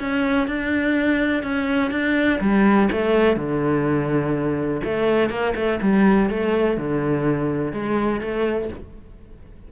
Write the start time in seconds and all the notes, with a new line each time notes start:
0.00 C#4
0.47 D4
1.43 C#4
1.91 D4
2.41 G3
2.92 A3
3.36 D3
4.84 A3
5.30 A#3
5.56 A3
5.82 G3
6.30 A3
6.78 D3
7.72 G#3
8.21 A3